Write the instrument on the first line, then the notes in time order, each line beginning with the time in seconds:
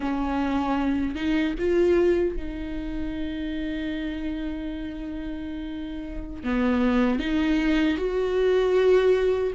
viola
0.00 C#4
1.15 D#4
1.58 F4
2.36 D#4
6.43 B3
7.19 D#4
7.97 F#4